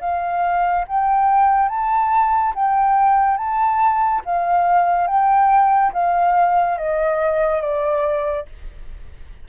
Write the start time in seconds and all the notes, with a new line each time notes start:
0.00 F5
0.87 G5
1.68 A5
2.55 G5
3.37 A5
4.25 F5
5.07 G5
5.93 F5
6.77 D#5
7.61 D5